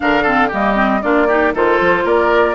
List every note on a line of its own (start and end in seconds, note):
0.00 0.52 D3
0.00 0.25 D4
0.00 0.22 A#4
0.00 0.51 F5
0.22 0.51 C4
0.22 0.48 A4
0.48 1.03 G3
0.48 0.75 A#3
0.48 0.99 G4
0.48 1.01 D#5
0.75 1.00 C4
1.01 1.54 A#3
1.01 1.28 D4
1.01 1.27 F4
1.01 1.53 D5
1.27 1.54 D#4
1.27 1.52 G4
1.54 1.79 D#3
1.54 2.54 F4
1.54 2.04 A4
1.54 2.07 C5
1.80 2.04 F3
2.04 2.54 A#3
2.04 2.54 A#4
2.04 2.54 D5